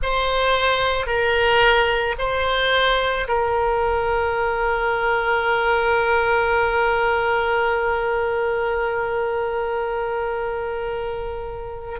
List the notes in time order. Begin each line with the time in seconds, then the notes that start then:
0.02 C5
1.06 A#4
2.18 C5
3.27 A#4